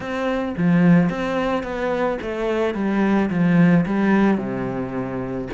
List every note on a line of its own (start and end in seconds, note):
0.00 0.54 C4
0.57 1.09 F3
1.09 1.63 C4
1.63 2.18 B3
2.21 2.74 A3
2.74 3.29 G3
3.30 3.85 F3
3.86 4.37 G3
4.37 5.47 C3